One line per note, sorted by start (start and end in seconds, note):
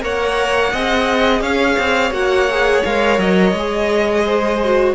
0.00 0.72 A#3
0.00 0.71 A#4
0.00 0.72 C#5
0.00 1.41 F#5
0.72 1.41 C4
0.72 2.12 G#4
0.72 1.41 D#5
1.41 1.76 C#4
1.41 4.24 C#5
1.41 2.12 F5
1.79 2.10 C4
2.10 2.81 A#3
2.10 2.47 F#4
2.10 2.83 F#5
2.50 2.85 G#4
2.84 3.18 G#3
2.84 3.55 A#4
2.84 3.19 F5
3.18 3.51 F#3
3.18 4.95 D#5
3.51 4.92 G#3
3.57 4.63 G#4
4.24 4.95 C5
4.64 4.95 F#4